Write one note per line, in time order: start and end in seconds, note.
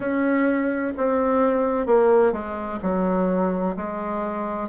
0.00 0.93 C#4
0.97 1.86 C4
1.86 2.32 A#3
2.32 2.79 G#3
2.82 3.76 F#3
3.76 4.69 G#3